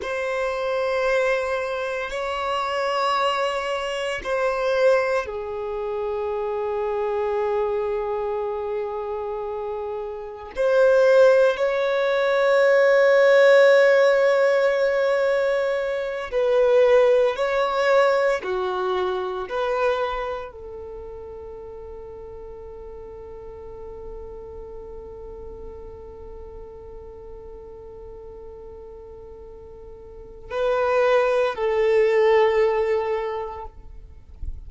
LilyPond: \new Staff \with { instrumentName = "violin" } { \time 4/4 \tempo 4 = 57 c''2 cis''2 | c''4 gis'2.~ | gis'2 c''4 cis''4~ | cis''2.~ cis''8 b'8~ |
b'8 cis''4 fis'4 b'4 a'8~ | a'1~ | a'1~ | a'4 b'4 a'2 | }